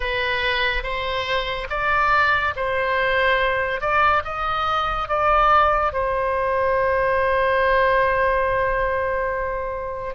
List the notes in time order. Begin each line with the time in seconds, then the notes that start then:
0.00 B4
0.83 C5
1.69 D5
2.56 C5
3.80 D5
4.24 D#5
5.08 D5
5.92 C5